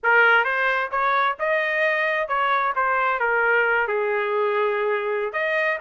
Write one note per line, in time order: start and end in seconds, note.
0.03 0.44 A#4
0.44 0.89 C5
0.91 1.36 C#5
1.39 2.27 D#5
2.27 2.73 C#5
2.75 3.19 C5
3.19 3.87 A#4
3.87 5.33 G#4
5.33 5.78 D#5